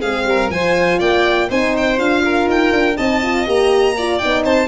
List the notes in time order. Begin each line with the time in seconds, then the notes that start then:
0.00 G#3 C4 G#4 F5
0.25 G3 A#4
0.50 F3 F4 C5 G#5
0.99 A#3 D5 G5
1.49 C4 D#4 C5 G#5
1.77 G5
1.97 D4 F4 F5
2.25 A#4
2.47 D#4 G5
2.73 D4
2.97 C4 D#4 D#5 A5
3.23 F4
3.47 A#3 G4 A#5
3.97 F4 D5
4.18 D#4 G5
4.25 B3
4.44 C4 C5 A5